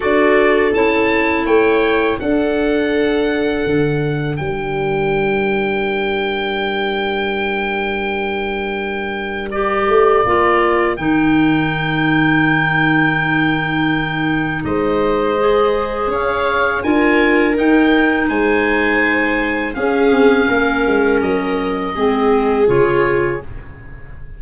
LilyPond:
<<
  \new Staff \with { instrumentName = "oboe" } { \time 4/4 \tempo 4 = 82 d''4 a''4 g''4 fis''4~ | fis''2 g''2~ | g''1~ | g''4 d''2 g''4~ |
g''1 | dis''2 f''4 gis''4 | g''4 gis''2 f''4~ | f''4 dis''2 cis''4 | }
  \new Staff \with { instrumentName = "viola" } { \time 4/4 a'2 cis''4 a'4~ | a'2 ais'2~ | ais'1~ | ais'1~ |
ais'1 | c''2 cis''4 ais'4~ | ais'4 c''2 gis'4 | ais'2 gis'2 | }
  \new Staff \with { instrumentName = "clarinet" } { \time 4/4 fis'4 e'2 d'4~ | d'1~ | d'1~ | d'4 g'4 f'4 dis'4~ |
dis'1~ | dis'4 gis'2 f'4 | dis'2. cis'4~ | cis'2 c'4 f'4 | }
  \new Staff \with { instrumentName = "tuba" } { \time 4/4 d'4 cis'4 a4 d'4~ | d'4 d4 g2~ | g1~ | g4. a8 ais4 dis4~ |
dis1 | gis2 cis'4 d'4 | dis'4 gis2 cis'8 c'8 | ais8 gis8 fis4 gis4 cis4 | }
>>